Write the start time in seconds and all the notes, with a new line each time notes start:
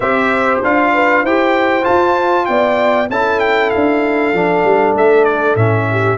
0.00 C4 G4 C5 E5
0.63 D4 F4 F5
0.93 B4
1.22 E4 G4 C5 G5
1.82 F4 A5
2.45 B3 D5 G5
3.09 C#4 E4 A4 A5
3.39 G5
3.69 D4 F5
4.33 F3 D4
4.64 G3
4.93 A3 E5
5.24 D5
5.55 A2 C#4 E5
5.90 G4